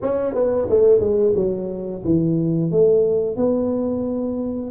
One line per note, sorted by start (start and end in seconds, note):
0.02 0.34 C#4
0.34 0.68 B3
0.69 1.00 A3
1.00 1.33 G#3
1.35 2.03 F#3
2.04 2.71 E3
2.71 3.36 A3
3.36 4.71 B3